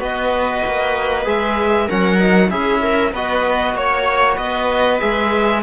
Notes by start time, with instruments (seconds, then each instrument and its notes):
0.00 cello B3, trombone F#4, viola B4, violin D#5
0.66 cello A#3
1.25 cello G#3, trombone G#4, violin E5
1.87 cello F#3, trombone C#4, viola A#4, violin F#5
2.20 trombone D#4
2.50 cello C#4, trombone E4, viola G#4, violin E5
2.83 viola A#4
3.13 cello B3, trombone F#4, viola B4, violin D#5
3.75 cello A#3, viola C#5, violin C#5
4.35 cello B3, viola B4, violin D#5
5.00 cello G#3, trombone G#4, violin E5